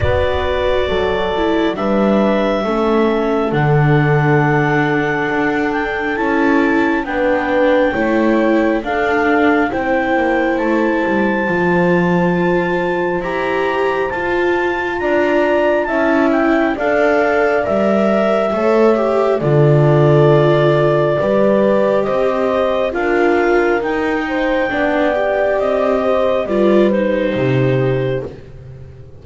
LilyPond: <<
  \new Staff \with { instrumentName = "clarinet" } { \time 4/4 \tempo 4 = 68 d''2 e''2 | fis''2~ fis''8 g''8 a''4 | g''2 f''4 g''4 | a''2. ais''4 |
a''4 ais''4 a''8 g''8 f''4 | e''2 d''2~ | d''4 dis''4 f''4 g''4~ | g''4 dis''4 d''8 c''4. | }
  \new Staff \with { instrumentName = "horn" } { \time 4/4 b'4 a'4 b'4 a'4~ | a'1 | b'4 cis''4 a'4 c''4~ | c''1~ |
c''4 d''4 e''4 d''4~ | d''4 cis''4 a'2 | b'4 c''4 ais'4. c''8 | d''4. c''8 b'4 g'4 | }
  \new Staff \with { instrumentName = "viola" } { \time 4/4 fis'4. e'8 d'4 cis'4 | d'2. e'4 | d'4 e'4 d'4 e'4~ | e'4 f'2 g'4 |
f'2 e'4 a'4 | ais'4 a'8 g'8 f'2 | g'2 f'4 dis'4 | d'8 g'4. f'8 dis'4. | }
  \new Staff \with { instrumentName = "double bass" } { \time 4/4 b4 fis4 g4 a4 | d2 d'4 cis'4 | b4 a4 d'4 c'8 ais8 | a8 g8 f2 e'4 |
f'4 d'4 cis'4 d'4 | g4 a4 d2 | g4 c'4 d'4 dis'4 | b4 c'4 g4 c4 | }
>>